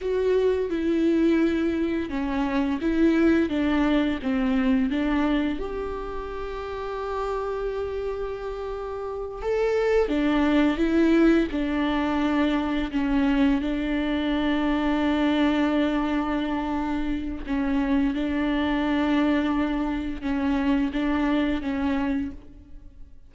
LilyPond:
\new Staff \with { instrumentName = "viola" } { \time 4/4 \tempo 4 = 86 fis'4 e'2 cis'4 | e'4 d'4 c'4 d'4 | g'1~ | g'4. a'4 d'4 e'8~ |
e'8 d'2 cis'4 d'8~ | d'1~ | d'4 cis'4 d'2~ | d'4 cis'4 d'4 cis'4 | }